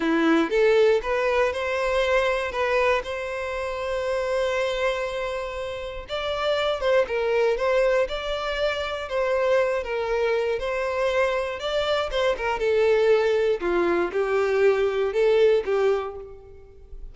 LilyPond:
\new Staff \with { instrumentName = "violin" } { \time 4/4 \tempo 4 = 119 e'4 a'4 b'4 c''4~ | c''4 b'4 c''2~ | c''1 | d''4. c''8 ais'4 c''4 |
d''2 c''4. ais'8~ | ais'4 c''2 d''4 | c''8 ais'8 a'2 f'4 | g'2 a'4 g'4 | }